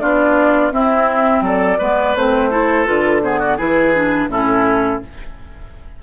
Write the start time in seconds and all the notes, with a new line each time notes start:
0.00 B3 D4 F4 D5
0.71 C4 E4 E5
1.41 F#3 A4 D5
1.78 G#3 B3 B4
2.16 A3 C4 C5
2.50 E4 A4
2.86 D3 F4 B4
3.23 B3 G#4 C5
3.39 F#4 D5
3.57 E3 E4 G#4 B4
3.95 D4
4.28 A2 C#4 E4 A4